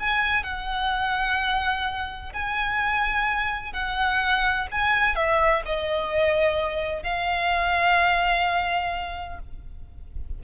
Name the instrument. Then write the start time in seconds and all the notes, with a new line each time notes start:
violin
0.00 G#5
0.44 F#5
2.33 G#5
3.73 F#5
4.71 G#5
5.16 E5
5.66 D#5
7.03 F5